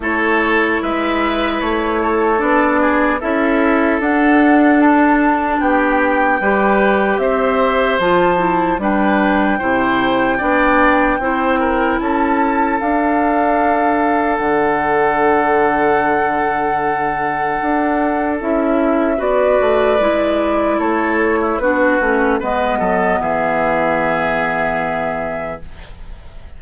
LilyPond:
<<
  \new Staff \with { instrumentName = "flute" } { \time 4/4 \tempo 4 = 75 cis''4 e''4 cis''4 d''4 | e''4 fis''4 a''4 g''4~ | g''4 e''4 a''4 g''4~ | g''2. a''4 |
f''2 fis''2~ | fis''2. e''4 | d''2 cis''4 b'4 | dis''4 e''2. | }
  \new Staff \with { instrumentName = "oboe" } { \time 4/4 a'4 b'4. a'4 gis'8 | a'2. g'4 | b'4 c''2 b'4 | c''4 d''4 c''8 ais'8 a'4~ |
a'1~ | a'1 | b'2 a'8. e'16 fis'4 | b'8 a'8 gis'2. | }
  \new Staff \with { instrumentName = "clarinet" } { \time 4/4 e'2. d'4 | e'4 d'2. | g'2 f'8 e'8 d'4 | e'4 d'4 e'2 |
d'1~ | d'2. e'4 | fis'4 e'2 d'8 cis'8 | b1 | }
  \new Staff \with { instrumentName = "bassoon" } { \time 4/4 a4 gis4 a4 b4 | cis'4 d'2 b4 | g4 c'4 f4 g4 | c4 b4 c'4 cis'4 |
d'2 d2~ | d2 d'4 cis'4 | b8 a8 gis4 a4 b8 a8 | gis8 fis8 e2. | }
>>